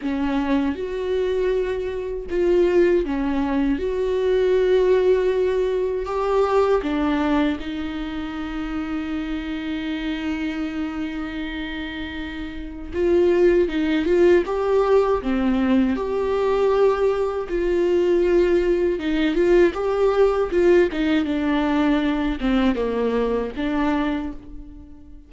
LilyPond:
\new Staff \with { instrumentName = "viola" } { \time 4/4 \tempo 4 = 79 cis'4 fis'2 f'4 | cis'4 fis'2. | g'4 d'4 dis'2~ | dis'1~ |
dis'4 f'4 dis'8 f'8 g'4 | c'4 g'2 f'4~ | f'4 dis'8 f'8 g'4 f'8 dis'8 | d'4. c'8 ais4 d'4 | }